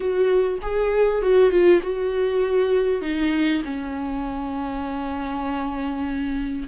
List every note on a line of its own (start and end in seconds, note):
0.00 0.58 F#4
0.61 1.21 G#4
1.21 1.50 F#4
1.50 1.80 F4
1.82 3.01 F#4
3.01 3.62 D#4
3.64 6.67 C#4